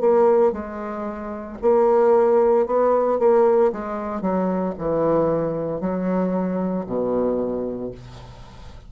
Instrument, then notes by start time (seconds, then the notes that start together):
bassoon
0.00 A#3
0.52 G#3
1.62 A#3
2.67 B3
3.19 A#3
3.72 G#3
4.22 F#3
4.78 E3
5.81 F#3
6.87 B2